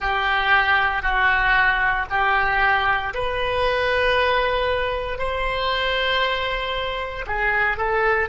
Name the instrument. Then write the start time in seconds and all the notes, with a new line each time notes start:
oboe
0.00 G4
1.02 F#4
2.10 G4
3.14 B4
5.18 C5
7.26 G#4
7.77 A4